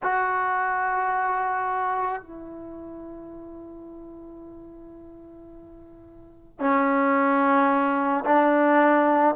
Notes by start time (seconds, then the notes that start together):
0.03 F#4
2.22 E4
6.59 C#4
8.24 D4